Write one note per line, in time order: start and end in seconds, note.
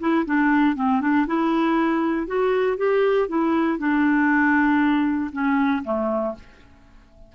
0.00 0.25 E4
0.26 0.76 D4
0.76 1.01 C4
1.01 1.26 D4
1.27 2.27 E4
2.27 2.77 F#4
2.77 3.28 G4
3.28 3.78 E4
3.78 5.31 D4
5.33 5.83 C#4
5.84 6.35 A3